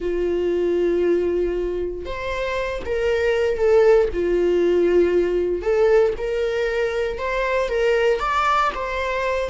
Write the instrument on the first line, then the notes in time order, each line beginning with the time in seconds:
viola
0.00 F4
2.05 C5
2.85 A#4
3.57 A4
4.13 F4
5.62 A4
6.17 A#4
7.18 C5
7.68 A#4
8.19 D5
8.75 C5